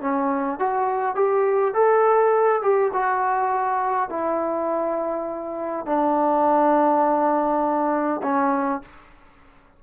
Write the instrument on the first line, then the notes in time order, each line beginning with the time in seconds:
trombone
0.00 C#4
0.59 F#4
1.15 G4
1.74 A4
2.62 G4
2.93 F#4
4.10 E4
5.86 D4
8.23 C#4